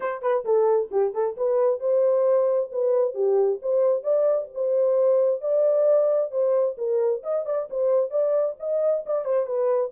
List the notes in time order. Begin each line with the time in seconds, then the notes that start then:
0.00 C5
0.22 B4
0.44 A4
0.91 G4
1.13 A4
1.36 B4
1.80 C5
2.71 B4
3.14 G4
3.62 C5
4.03 D5
4.54 C5
5.41 D5
6.31 C5
6.77 A#4
7.23 D#5
7.45 D5
7.70 C5
8.10 D5
8.59 D#5
9.06 D5
9.24 C5
9.46 B4